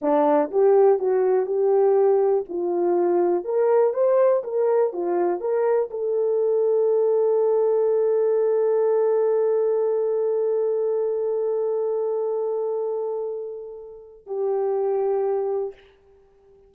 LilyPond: \new Staff \with { instrumentName = "horn" } { \time 4/4 \tempo 4 = 122 d'4 g'4 fis'4 g'4~ | g'4 f'2 ais'4 | c''4 ais'4 f'4 ais'4 | a'1~ |
a'1~ | a'1~ | a'1~ | a'4 g'2. | }